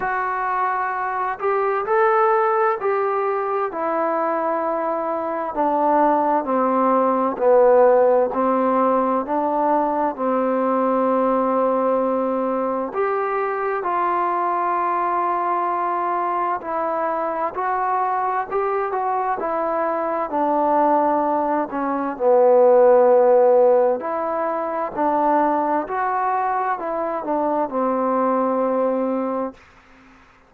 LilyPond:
\new Staff \with { instrumentName = "trombone" } { \time 4/4 \tempo 4 = 65 fis'4. g'8 a'4 g'4 | e'2 d'4 c'4 | b4 c'4 d'4 c'4~ | c'2 g'4 f'4~ |
f'2 e'4 fis'4 | g'8 fis'8 e'4 d'4. cis'8 | b2 e'4 d'4 | fis'4 e'8 d'8 c'2 | }